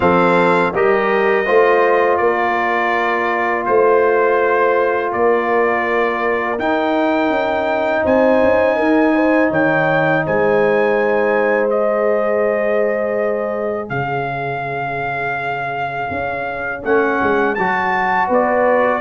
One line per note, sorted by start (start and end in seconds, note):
0.00 0.72 F3
0.00 0.73 C4
0.00 0.73 A4
0.00 0.73 F5
0.73 1.47 G3
0.73 1.46 G4
0.73 1.45 A#4
0.73 2.17 D#5
1.45 2.20 A3
1.45 6.58 F4
1.45 2.18 C5
2.17 3.66 A#3
2.17 3.66 A#4
2.17 3.63 D5
3.65 5.12 A3
3.65 5.12 C5
3.65 5.11 C5
5.11 6.58 A#3
5.11 8.03 A#4
5.11 6.59 D5
6.58 7.29 D#4
6.58 11.70 D#4
6.58 8.05 G5
7.29 8.02 C#4
8.03 8.42 C4
8.03 8.75 C5
8.03 9.52 G#5
8.43 8.78 C#4
8.75 9.50 D#4
8.75 9.12 A#4
9.14 9.50 C5
9.50 10.23 D#3
9.50 10.23 C#5
9.50 10.26 G5
10.25 13.89 G#3
10.25 13.88 C5
10.25 11.69 G#5
11.69 16.82 G#4
11.69 13.89 D#5
13.88 16.09 C#3
13.88 18.26 C#5
13.88 16.82 F5
16.10 16.83 C#4
16.83 17.20 A3
16.83 17.56 C#4
16.83 17.54 F#5
17.21 17.58 G#3
17.54 18.29 F#3
17.54 19.01 F#4
17.54 18.28 A5
18.26 19.01 B3
18.26 18.99 B4
18.32 19.01 D5